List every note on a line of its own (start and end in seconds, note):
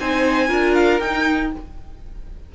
0.00 0.50 C4
0.00 0.48 D#4
0.00 0.48 C5
0.00 0.75 G#5
0.48 1.00 D4
0.48 1.00 F4
0.48 1.52 A#4
0.75 1.00 F5
1.00 1.52 D#4
1.00 1.55 D#4
1.00 1.52 G5